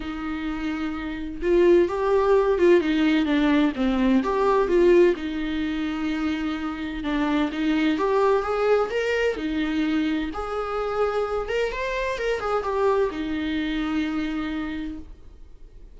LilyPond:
\new Staff \with { instrumentName = "viola" } { \time 4/4 \tempo 4 = 128 dis'2. f'4 | g'4. f'8 dis'4 d'4 | c'4 g'4 f'4 dis'4~ | dis'2. d'4 |
dis'4 g'4 gis'4 ais'4 | dis'2 gis'2~ | gis'8 ais'8 c''4 ais'8 gis'8 g'4 | dis'1 | }